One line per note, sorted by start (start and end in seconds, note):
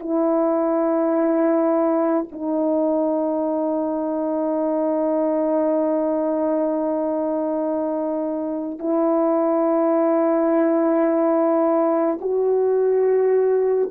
0.00 2.26 E4
2.32 8.79 D#4
8.79 12.19 E4
12.21 13.90 F#4